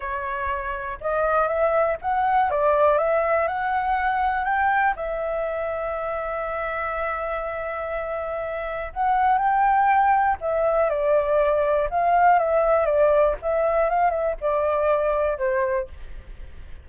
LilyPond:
\new Staff \with { instrumentName = "flute" } { \time 4/4 \tempo 4 = 121 cis''2 dis''4 e''4 | fis''4 d''4 e''4 fis''4~ | fis''4 g''4 e''2~ | e''1~ |
e''2 fis''4 g''4~ | g''4 e''4 d''2 | f''4 e''4 d''4 e''4 | f''8 e''8 d''2 c''4 | }